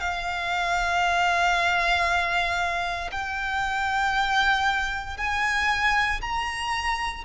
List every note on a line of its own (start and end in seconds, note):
0.00 3.10 F5
3.12 5.17 G5
5.17 6.21 G#5
6.21 7.25 A#5